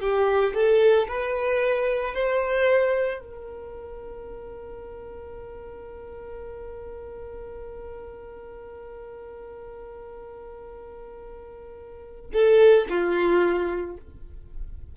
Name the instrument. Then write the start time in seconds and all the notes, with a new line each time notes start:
violin
0.00 G4
0.54 A4
1.08 B4
2.14 C5
3.20 A#4
12.33 A4
12.89 F4